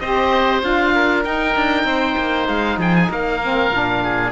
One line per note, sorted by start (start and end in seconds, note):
0.00 0.63 C4
0.00 0.62 G4
0.00 0.94 C5
0.00 0.62 D#5
0.62 1.25 D4
0.62 1.24 F4
0.62 1.24 F5
0.95 1.87 A#4
1.24 3.40 D#4
1.24 1.56 D#4
1.24 2.48 G5
1.56 1.84 D4
1.84 2.15 C4
1.84 2.79 C5
2.18 2.48 A#3
2.48 2.78 G#3
2.48 2.79 F5
2.78 3.09 F3
2.78 3.10 G#4
2.78 2.96 G5
2.96 3.11 G#5
3.10 3.71 A#3
3.10 4.04 A#4
3.10 4.32 F5
3.42 3.72 C4
3.71 4.32 A#2
3.71 4.32 D4
4.04 4.32 G#4